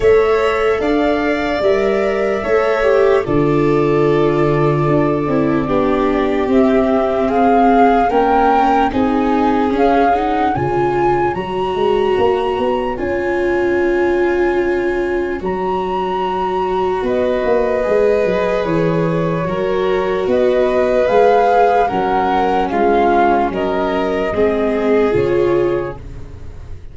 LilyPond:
<<
  \new Staff \with { instrumentName = "flute" } { \time 4/4 \tempo 4 = 74 e''4 f''4 e''2 | d''1 | e''4 f''4 g''4 gis''4 | f''8 fis''8 gis''4 ais''2 |
gis''2. ais''4~ | ais''4 dis''2 cis''4~ | cis''4 dis''4 f''4 fis''4 | f''4 dis''2 cis''4 | }
  \new Staff \with { instrumentName = "violin" } { \time 4/4 cis''4 d''2 cis''4 | a'2. g'4~ | g'4 gis'4 ais'4 gis'4~ | gis'4 cis''2.~ |
cis''1~ | cis''4 b'2. | ais'4 b'2 ais'4 | f'4 ais'4 gis'2 | }
  \new Staff \with { instrumentName = "viola" } { \time 4/4 a'2 ais'4 a'8 g'8 | f'2~ f'8 e'8 d'4 | c'2 cis'4 dis'4 | cis'8 dis'8 f'4 fis'2 |
f'2. fis'4~ | fis'2 gis'2 | fis'2 gis'4 cis'4~ | cis'2 c'4 f'4 | }
  \new Staff \with { instrumentName = "tuba" } { \time 4/4 a4 d'4 g4 a4 | d2 d'8 c'8 b4 | c'2 ais4 c'4 | cis'4 cis4 fis8 gis8 ais8 b8 |
cis'2. fis4~ | fis4 b8 ais8 gis8 fis8 e4 | fis4 b4 gis4 fis4 | gis4 fis4 gis4 cis4 | }
>>